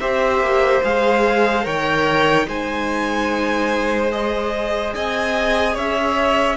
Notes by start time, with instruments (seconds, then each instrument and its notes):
0.00 cello C4, viola G4, violin C5 E5
0.40 cello A#3
0.84 cello G#3, viola G#4, violin F5
1.62 cello D#3, viola A#4, violin C#5 G5
2.45 cello G#3, viola D#4, violin C5 G#5
4.11 viola G#4, violin D#5
4.95 cello C4, violin D#5 G#5
5.74 cello C#4, violin C#5 E5